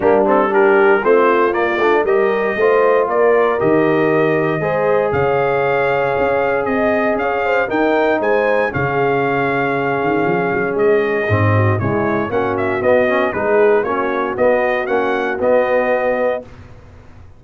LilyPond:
<<
  \new Staff \with { instrumentName = "trumpet" } { \time 4/4 \tempo 4 = 117 g'8 a'8 ais'4 c''4 d''4 | dis''2 d''4 dis''4~ | dis''2 f''2~ | f''4 dis''4 f''4 g''4 |
gis''4 f''2.~ | f''4 dis''2 cis''4 | fis''8 e''8 dis''4 b'4 cis''4 | dis''4 fis''4 dis''2 | }
  \new Staff \with { instrumentName = "horn" } { \time 4/4 d'4 g'4 f'2 | ais'4 c''4 ais'2~ | ais'4 c''4 cis''2~ | cis''4 dis''4 cis''8 c''8 ais'4 |
c''4 gis'2.~ | gis'2~ gis'8 fis'8 e'4 | fis'2 gis'4 fis'4~ | fis'1 | }
  \new Staff \with { instrumentName = "trombone" } { \time 4/4 ais8 c'8 d'4 c'4 ais8 d'8 | g'4 f'2 g'4~ | g'4 gis'2.~ | gis'2. dis'4~ |
dis'4 cis'2.~ | cis'2 c'4 gis4 | cis'4 b8 cis'8 dis'4 cis'4 | b4 cis'4 b2 | }
  \new Staff \with { instrumentName = "tuba" } { \time 4/4 g2 a4 ais8 a8 | g4 a4 ais4 dis4~ | dis4 gis4 cis2 | cis'4 c'4 cis'4 dis'4 |
gis4 cis2~ cis8 dis8 | f8 fis8 gis4 gis,4 cis4 | ais4 b4 gis4 ais4 | b4 ais4 b2 | }
>>